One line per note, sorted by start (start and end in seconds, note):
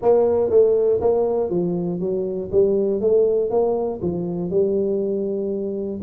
0.02 0.50 A#3
0.50 1.00 A3
1.00 1.50 A#3
1.50 2.00 F3
2.00 2.50 F#3
2.51 3.00 G3
3.00 3.50 A3
3.50 4.00 A#3
4.02 4.50 F3
4.50 6.00 G3